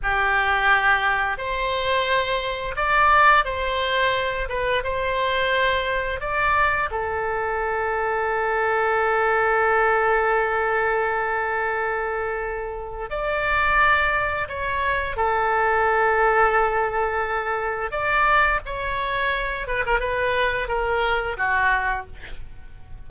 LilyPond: \new Staff \with { instrumentName = "oboe" } { \time 4/4 \tempo 4 = 87 g'2 c''2 | d''4 c''4. b'8 c''4~ | c''4 d''4 a'2~ | a'1~ |
a'2. d''4~ | d''4 cis''4 a'2~ | a'2 d''4 cis''4~ | cis''8 b'16 ais'16 b'4 ais'4 fis'4 | }